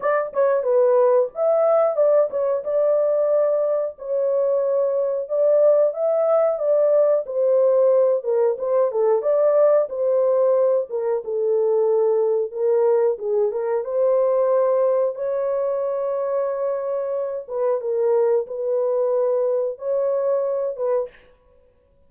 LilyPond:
\new Staff \with { instrumentName = "horn" } { \time 4/4 \tempo 4 = 91 d''8 cis''8 b'4 e''4 d''8 cis''8 | d''2 cis''2 | d''4 e''4 d''4 c''4~ | c''8 ais'8 c''8 a'8 d''4 c''4~ |
c''8 ais'8 a'2 ais'4 | gis'8 ais'8 c''2 cis''4~ | cis''2~ cis''8 b'8 ais'4 | b'2 cis''4. b'8 | }